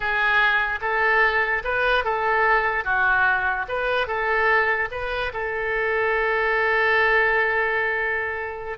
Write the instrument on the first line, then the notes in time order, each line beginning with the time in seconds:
oboe
0.00 G#4
0.81 A4
1.63 B4
2.04 A4
2.84 F#4
3.68 B4
4.07 A4
4.91 B4
5.33 A4